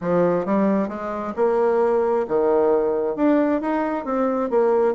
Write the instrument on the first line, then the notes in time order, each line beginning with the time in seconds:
bassoon
0.01 F3
0.45 G3
0.88 G#3
1.35 A#3
2.27 D#3
3.16 D4
3.61 D#4
4.04 C4
4.50 A#3